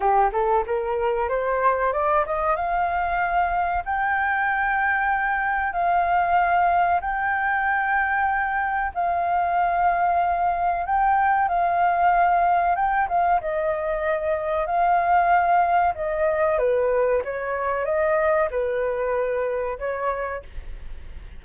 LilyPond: \new Staff \with { instrumentName = "flute" } { \time 4/4 \tempo 4 = 94 g'8 a'8 ais'4 c''4 d''8 dis''8 | f''2 g''2~ | g''4 f''2 g''4~ | g''2 f''2~ |
f''4 g''4 f''2 | g''8 f''8 dis''2 f''4~ | f''4 dis''4 b'4 cis''4 | dis''4 b'2 cis''4 | }